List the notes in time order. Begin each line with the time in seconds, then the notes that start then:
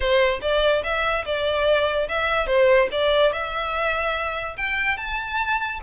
0.00 C5
0.41 D5
0.83 E5
1.25 D5
2.08 E5
2.46 C5
2.91 D5
3.32 E5
4.57 G5
4.97 A5